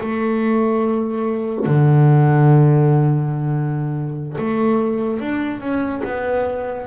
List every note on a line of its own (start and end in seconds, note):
0.00 1.66 A3
1.66 4.36 D3
4.38 5.20 A3
5.20 5.60 D4
5.60 6.02 C#4
6.04 6.87 B3